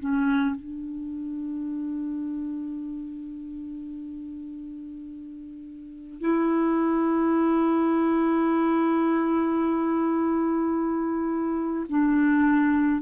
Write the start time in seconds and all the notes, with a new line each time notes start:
0.00 C#4
0.56 D4
6.21 E4
11.89 D4